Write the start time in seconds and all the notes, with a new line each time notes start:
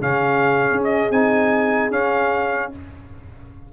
0.00 C#3 C#4 G#4 F5
0.71 C#4
0.83 D#5
1.10 C4 D#4 G#5
1.90 C#4 F5